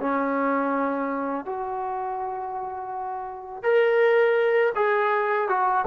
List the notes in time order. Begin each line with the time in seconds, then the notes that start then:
0.00 C#4
1.45 F#4
3.63 A#4
4.75 G#4
5.48 F#4